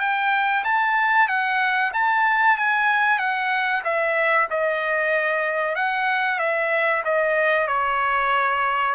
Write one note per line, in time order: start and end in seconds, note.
0.00 0.64 G5
0.65 1.29 A5
1.29 1.92 F#5
1.94 2.58 A5
2.58 3.19 G#5
3.19 3.83 F#5
3.84 4.48 E5
4.50 5.76 D#5
5.76 6.39 F#5
6.39 7.03 E5
7.05 7.68 D#5
7.68 8.95 C#5